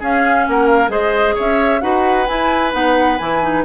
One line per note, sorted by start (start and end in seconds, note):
0.00 0.89 C#4
0.00 0.47 C#4
0.00 0.45 G#4
0.00 0.49 F5
0.49 0.89 A#3
0.49 0.91 A#4
0.49 0.68 F#5
0.68 0.90 F5
0.89 1.34 G#3
0.89 1.80 G#4
0.89 1.36 C5
0.89 1.37 D#5
1.36 1.83 C#4
1.36 1.81 C#5
1.36 1.82 E5
1.82 2.29 D#4
1.82 2.27 F#4
1.82 3.65 B4
1.82 2.27 F#5
2.27 2.72 E4
2.27 2.74 E4
2.27 2.73 G#5
2.72 3.20 B3
2.72 3.18 D#4
2.72 3.18 F#5
3.18 3.65 E3
3.18 3.43 E4
3.18 3.64 G#5
3.43 3.65 D#4